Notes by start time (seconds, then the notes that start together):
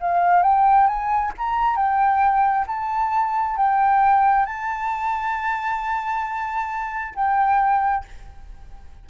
0.00 F5
0.42 G5
0.87 G#5
1.38 A#5
1.76 G5
2.67 A5
3.56 G5
4.46 A5
7.15 G5